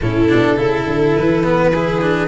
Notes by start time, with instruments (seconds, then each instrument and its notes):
0.00 tuba A2, cello C#4, viola E4, violin A4
0.28 tuba B2, cello D4
0.56 tuba C#3, cello E4, viola A4
0.86 tuba D3
1.15 tuba E3, violin B4
1.43 cello B3
1.72 cello E4, viola G#4
2.01 cello D4